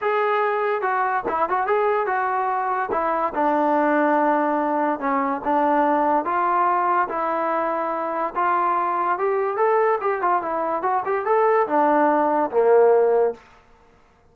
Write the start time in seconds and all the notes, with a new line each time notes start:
0.01 G#4
0.81 F#4
1.28 E4
1.49 F#4
1.66 G#4
2.06 F#4
2.91 E4
3.34 D4
4.99 C#4
5.44 D4
6.24 F4
7.09 E4
8.35 F4
9.18 G4
9.57 A4
10.01 G4
10.21 F4
10.42 E4
10.82 F#4
11.05 G4
11.25 A4
11.67 D4
12.50 A#3